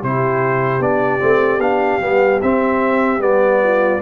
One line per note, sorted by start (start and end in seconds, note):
0.00 0.80 C3
0.00 0.81 E4
0.00 3.60 G4
0.00 0.82 C5
0.80 1.20 B3
0.80 1.20 D4
0.80 1.61 D5
1.20 1.59 A3
1.20 1.60 C4
1.59 1.99 B3
1.59 2.01 D4
1.59 2.41 F5
2.00 2.40 G3
2.00 2.41 B3
2.42 3.20 C4
2.42 3.18 C4
2.42 3.22 E5
3.18 3.98 G3
3.18 4.00 B3
3.18 4.02 D5
3.63 4.02 F4